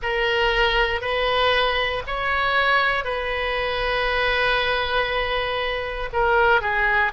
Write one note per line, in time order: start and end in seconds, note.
0.02 1.01 A#4
1.01 2.02 B4
2.07 3.04 C#5
3.04 6.09 B4
6.12 6.61 A#4
6.61 7.12 G#4